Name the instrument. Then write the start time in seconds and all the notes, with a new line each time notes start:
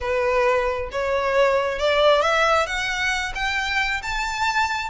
violin
0.00 B4
0.91 C#5
1.78 D5
2.21 E5
2.66 F#5
3.35 G5
4.02 A5